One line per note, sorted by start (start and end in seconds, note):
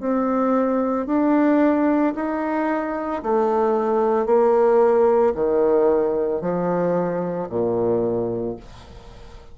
0.00 1.07 C4
1.07 2.14 D4
2.15 3.22 D#4
3.23 4.26 A3
4.26 5.33 A#3
5.35 6.41 D#3
6.41 7.49 F3
7.50 8.57 A#2